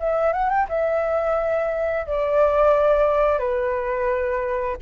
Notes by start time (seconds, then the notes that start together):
0.00 E5
0.33 F#5
0.50 G5
0.69 E5
2.07 D5
3.39 B4